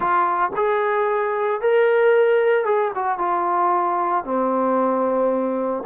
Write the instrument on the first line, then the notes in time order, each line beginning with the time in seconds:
trombone
0.00 F4
0.56 G#4
1.61 A#4
2.65 G#4
2.94 F#4
3.18 F4
4.24 C4